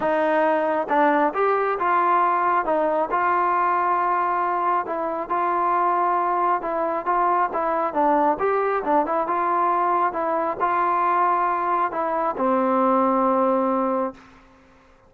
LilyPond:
\new Staff \with { instrumentName = "trombone" } { \time 4/4 \tempo 4 = 136 dis'2 d'4 g'4 | f'2 dis'4 f'4~ | f'2. e'4 | f'2. e'4 |
f'4 e'4 d'4 g'4 | d'8 e'8 f'2 e'4 | f'2. e'4 | c'1 | }